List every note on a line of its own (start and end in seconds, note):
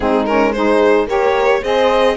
0.00 1.06 G#3
0.00 0.26 C4
0.00 0.54 D#4
0.00 0.26 G#4
0.26 0.53 C#4
0.26 0.52 A#4
0.52 1.07 D#4
0.52 1.07 G#4
0.52 1.06 C5
1.06 1.60 A#3
1.06 1.61 G4
1.06 1.61 A#4
1.06 1.63 C#5
1.61 2.17 C4
1.61 2.17 G#4
1.61 2.15 C5
1.61 2.17 D#5